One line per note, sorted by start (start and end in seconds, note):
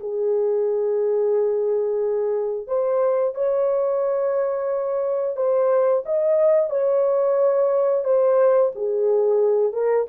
0.00 2.67 G#4
2.67 3.35 C5
3.35 5.36 C#5
5.36 6.04 C5
6.06 6.70 D#5
6.70 8.04 C#5
8.04 8.72 C5
8.75 9.73 G#4
9.73 10.07 A#4